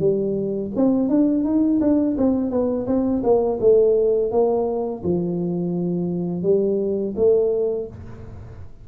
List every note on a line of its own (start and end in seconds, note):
0.00 0.71 G3
0.76 1.09 C4
1.09 1.45 D4
1.45 1.81 D#4
1.81 2.17 D4
2.18 2.51 C4
2.51 2.87 B3
2.87 3.23 C4
3.24 3.59 A#3
3.61 4.32 A3
4.32 5.03 A#3
5.04 6.43 F3
6.43 7.15 G3
7.17 7.88 A3